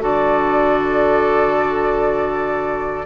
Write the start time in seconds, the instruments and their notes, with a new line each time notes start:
0.00 bassoon D3, clarinet F#4, oboe A4, flute D5